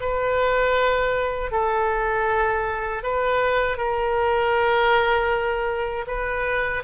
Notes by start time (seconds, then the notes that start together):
0.00 B4
1.51 A4
3.02 B4
3.77 A#4
6.07 B4